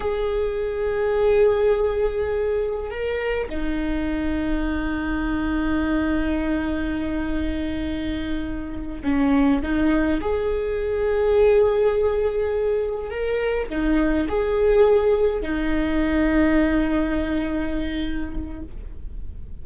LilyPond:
\new Staff \with { instrumentName = "viola" } { \time 4/4 \tempo 4 = 103 gis'1~ | gis'4 ais'4 dis'2~ | dis'1~ | dis'2.~ dis'8 cis'8~ |
cis'8 dis'4 gis'2~ gis'8~ | gis'2~ gis'8 ais'4 dis'8~ | dis'8 gis'2 dis'4.~ | dis'1 | }